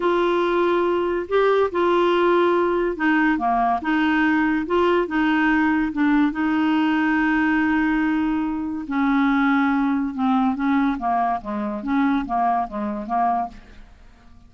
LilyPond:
\new Staff \with { instrumentName = "clarinet" } { \time 4/4 \tempo 4 = 142 f'2. g'4 | f'2. dis'4 | ais4 dis'2 f'4 | dis'2 d'4 dis'4~ |
dis'1~ | dis'4 cis'2. | c'4 cis'4 ais4 gis4 | cis'4 ais4 gis4 ais4 | }